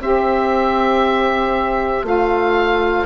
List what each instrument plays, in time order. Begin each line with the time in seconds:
0.00 bassoon C4, saxophone G4, oboe C5 E5
2.03 bassoon A3, saxophone F4, oboe F5